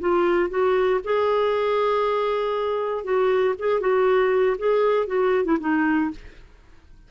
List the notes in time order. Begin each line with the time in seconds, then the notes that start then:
0.00 F4
0.50 F#4
1.04 G#4
3.04 F#4
3.59 G#4
3.81 F#4
4.58 G#4
5.07 F#4
5.45 E4
5.60 D#4